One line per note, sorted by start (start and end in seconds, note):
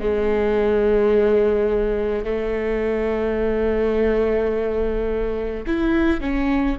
0.00 2.24 G#3
2.24 5.64 A3
5.67 6.21 E4
6.21 6.77 C#4